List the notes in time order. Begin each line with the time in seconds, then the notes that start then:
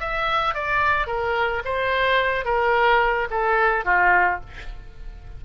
0.00 E5
0.55 D5
1.07 A#4
1.65 C5
2.45 A#4
3.31 A4
3.85 F4